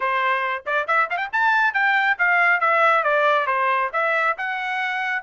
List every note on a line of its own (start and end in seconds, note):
0.00 0.63 C5
0.66 0.87 D5
0.87 1.09 E5
1.10 1.17 F5
1.17 1.28 G5
1.32 1.73 A5
1.73 2.17 G5
2.18 2.60 F5
2.60 3.03 E5
3.03 3.46 D5
3.46 3.90 C5
3.92 4.36 E5
4.37 5.22 F#5